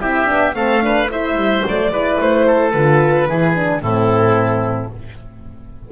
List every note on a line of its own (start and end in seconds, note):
0.00 0.28 C4
0.00 0.26 E4
0.00 0.55 G4
0.00 0.54 E5
0.26 0.54 B3
0.26 0.53 D4
0.53 1.35 A3
0.53 0.80 C4
0.53 0.83 A4
0.53 1.09 F5
0.81 1.08 D4
0.81 1.11 B4
1.10 1.64 E4
1.10 1.92 C5
1.10 1.65 E5
1.35 1.62 G3
1.66 1.90 F#3
1.66 1.91 A3
1.66 2.21 D5
1.90 2.17 G#3
1.90 2.73 E4
1.90 2.46 B4
2.20 2.73 A3
2.20 2.71 C5
2.46 3.28 A4
2.71 3.27 D3
2.71 3.29 F4
2.71 3.80 B4
3.27 3.81 E3
3.27 3.55 E4
3.27 3.82 G#4
3.55 3.82 D4
3.81 4.90 A2
3.81 4.91 C4
3.81 4.91 E4
3.81 4.90 A4